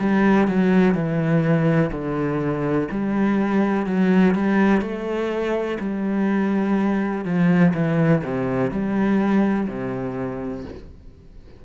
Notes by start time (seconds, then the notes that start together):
0.00 G3
0.48 F#3
0.95 E3
1.92 D3
2.92 G3
3.87 F#3
4.35 G3
4.82 A3
5.80 G3
7.25 F3
7.74 E3
8.24 C3
8.71 G3
9.68 C3